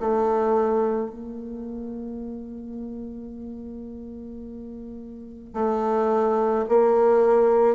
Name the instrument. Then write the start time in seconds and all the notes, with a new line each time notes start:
bassoon
0.00 A3
1.11 A#3
5.54 A3
6.69 A#3